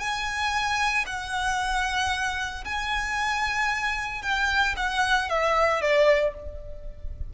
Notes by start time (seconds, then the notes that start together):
0.00 G#5
1.06 F#5
2.65 G#5
4.22 G5
4.77 F#5
5.29 E5
5.81 D5